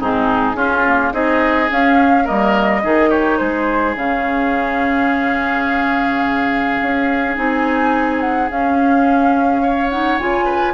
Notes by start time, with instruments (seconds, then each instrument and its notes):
0.00 bassoon G#2, clarinet C4, oboe D#4, flute G#4
0.55 clarinet C#4, bassoon C#4, oboe F4
0.87 clarinet A#3
1.13 bassoon C4, clarinet D#4, oboe G#4, flute D#5
1.70 clarinet C#4, bassoon C#4, flute F5
2.25 bassoon G3, clarinet A#3, oboe A#4, flute D#5
2.84 bassoon D#3, clarinet D#4, oboe G#4
3.10 oboe G4, flute C#5
3.38 bassoon G#3, oboe G#4, flute C5
3.96 bassoon C#3, clarinet C#4, flute F5
6.82 bassoon C#4
7.36 bassoon C4, clarinet D#4, flute G#5
8.21 flute F#5
8.50 clarinet C#4, bassoon C#4, flute F5
9.63 oboe C#5
9.91 clarinet D#4, flute F#5
10.19 bassoon C#3, clarinet F4, flute G#5
10.45 oboe B4